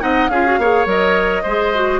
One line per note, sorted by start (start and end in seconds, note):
0.00 0.29 C4
0.00 0.29 D#4
0.00 0.31 D#5
0.00 0.29 F#5
0.29 0.58 C#4
0.29 0.46 F4
0.29 0.59 G#4
0.29 0.86 F5
0.46 0.60 F#4
0.58 0.86 A#3
0.58 0.86 G#4
0.58 1.43 C#5
0.86 1.43 F#3
0.86 1.43 A#4
0.86 2.00 D#5
1.43 2.00 G#3
1.43 1.75 G#4
1.43 2.00 C5
1.75 2.00 F#4